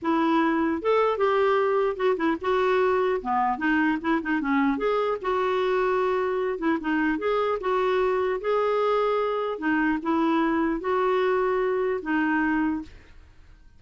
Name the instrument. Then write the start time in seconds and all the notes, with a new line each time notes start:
clarinet
0.02 E4
0.81 A4
1.17 G4
1.96 F#4
2.16 E4
2.41 F#4
3.21 B3
3.57 D#4
4.01 E4
4.22 D#4
4.40 C#4
4.77 G#4
5.21 F#4
6.58 E4
6.80 D#4
7.18 G#4
7.60 F#4
8.40 G#4
9.58 D#4
10.02 E4
10.80 F#4
12.02 D#4